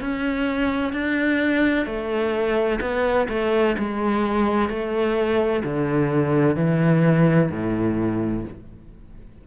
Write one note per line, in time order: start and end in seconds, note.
0.00 0.92 C#4
0.92 1.86 D4
1.86 2.80 A3
2.80 3.27 B3
3.29 3.75 A3
3.78 4.69 G#3
4.69 5.63 A3
5.64 6.56 D3
6.56 7.50 E3
7.50 8.44 A2